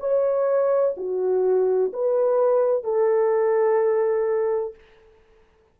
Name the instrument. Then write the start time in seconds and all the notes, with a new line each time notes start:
horn
0.00 C#5
0.97 F#4
1.93 B4
2.84 A4